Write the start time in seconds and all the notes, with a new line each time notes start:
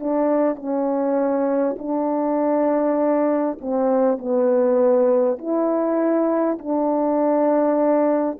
0.00 D4
0.56 C#4
1.78 D4
3.61 C4
4.18 B3
5.38 E4
6.58 D4